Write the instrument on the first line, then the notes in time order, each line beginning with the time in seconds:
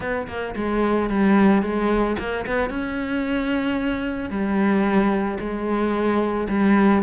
cello
0.00 B3
0.27 A#3
0.56 G#3
1.09 G3
1.62 G#3
2.18 A#3
2.46 B3
2.69 C#4
4.29 G3
5.39 G#3
6.48 G3